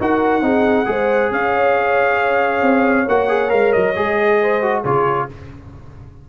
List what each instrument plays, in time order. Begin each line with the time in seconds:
0.00 tuba D#4, trombone F#4, horn A#4, trumpet F#5
0.42 tuba C4, trombone D#4, horn G#4
0.85 tuba G#3, trombone G#4, horn C5
1.32 tuba C#4, horn C#5, trumpet F5
2.62 tuba C4
3.08 tuba A#3, trombone F#4, trumpet F#5
3.28 trombone G#4
3.49 tuba G#3, trombone A#4, trumpet F5
3.73 tuba F#3, trumpet D#5
3.96 tuba G#3, trombone G#4
4.42 horn C5
4.62 trombone F#4
4.82 tuba C#3, trombone F4, horn G#4, trumpet C#5